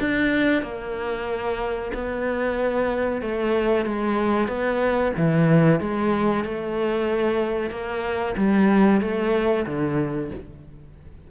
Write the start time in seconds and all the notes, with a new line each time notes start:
0.00 D4
0.63 A#3
1.94 B3
3.22 A3
3.86 G#3
4.48 B3
5.17 E3
5.80 G#3
6.44 A3
7.71 A#3
8.37 G3
9.01 A3
9.66 D3